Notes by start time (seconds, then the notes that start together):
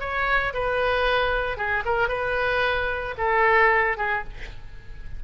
0.00 C#5
0.54 B4
1.57 G#4
1.85 A#4
2.08 B4
3.18 A4
3.97 G#4